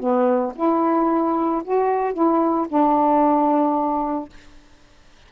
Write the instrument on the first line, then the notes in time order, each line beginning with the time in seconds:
saxophone
0.00 B3
0.56 E4
1.65 F#4
2.14 E4
2.69 D4